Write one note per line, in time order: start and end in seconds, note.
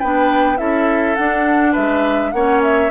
0.00 0.60 B3
0.00 0.58 D4
0.00 0.58 B4
0.00 0.58 G5
0.58 1.18 C#4
0.58 1.16 E4
0.58 1.72 A4
0.58 1.16 E5
1.16 2.36 D4
1.16 1.77 D4
1.16 1.74 F#5
1.72 2.33 G#3
1.72 2.31 B4
1.72 2.32 E5
2.32 2.91 A#3
2.32 2.91 C#4
2.32 2.91 C#5
2.32 2.61 F#5
2.63 2.91 E5